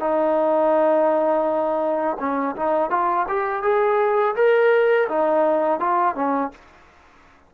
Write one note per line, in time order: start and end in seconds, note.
0.00 2.17 D#4
2.19 2.55 C#4
2.56 2.90 D#4
2.90 3.26 F4
3.28 3.62 G4
3.62 4.35 G#4
4.35 5.08 A#4
5.09 5.80 D#4
5.80 6.15 F4
6.15 6.51 C#4